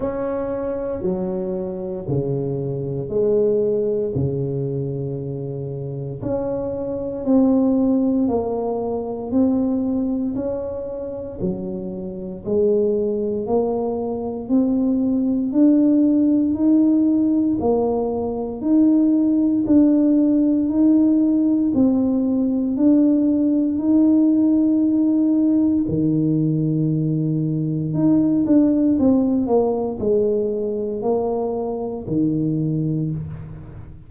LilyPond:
\new Staff \with { instrumentName = "tuba" } { \time 4/4 \tempo 4 = 58 cis'4 fis4 cis4 gis4 | cis2 cis'4 c'4 | ais4 c'4 cis'4 fis4 | gis4 ais4 c'4 d'4 |
dis'4 ais4 dis'4 d'4 | dis'4 c'4 d'4 dis'4~ | dis'4 dis2 dis'8 d'8 | c'8 ais8 gis4 ais4 dis4 | }